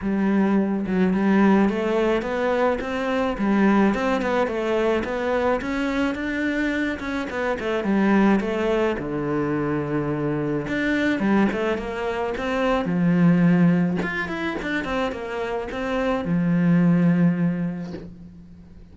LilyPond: \new Staff \with { instrumentName = "cello" } { \time 4/4 \tempo 4 = 107 g4. fis8 g4 a4 | b4 c'4 g4 c'8 b8 | a4 b4 cis'4 d'4~ | d'8 cis'8 b8 a8 g4 a4 |
d2. d'4 | g8 a8 ais4 c'4 f4~ | f4 f'8 e'8 d'8 c'8 ais4 | c'4 f2. | }